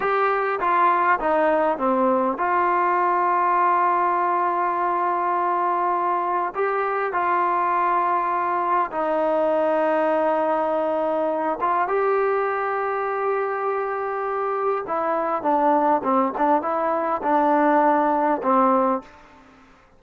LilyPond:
\new Staff \with { instrumentName = "trombone" } { \time 4/4 \tempo 4 = 101 g'4 f'4 dis'4 c'4 | f'1~ | f'2. g'4 | f'2. dis'4~ |
dis'2.~ dis'8 f'8 | g'1~ | g'4 e'4 d'4 c'8 d'8 | e'4 d'2 c'4 | }